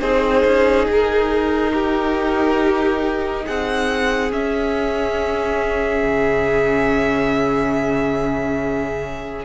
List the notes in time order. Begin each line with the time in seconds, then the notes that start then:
0.00 C4 D#4 G#4 C5
0.44 C#4
0.88 D#4 A#4
1.73 G4
3.45 C4 G#4 F#5
4.31 C#4 E5
6.02 C#3